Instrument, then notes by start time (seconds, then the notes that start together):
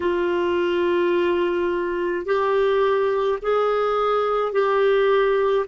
clarinet
0.00 F4
2.25 G4
3.42 G#4
4.52 G4